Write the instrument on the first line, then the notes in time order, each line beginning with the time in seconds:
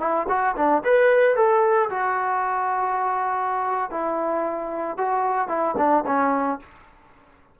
trombone
0.00 E4
0.29 F#4
0.56 D4
0.84 B4
1.36 A4
1.90 F#4
3.91 E4
4.98 F#4
5.48 E4
5.78 D4
6.06 C#4